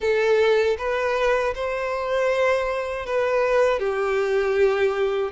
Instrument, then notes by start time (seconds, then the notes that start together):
violin
0.00 A4
0.78 B4
1.54 C5
3.06 B4
3.79 G4